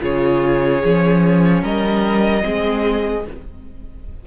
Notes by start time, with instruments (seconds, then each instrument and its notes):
0.00 cello C#3, viola F4, violin G#4 C#5
0.83 cello F3, viola C#4
1.62 cello G3, violin A#4 D#5
2.41 cello G#3, viola C4, violin G#4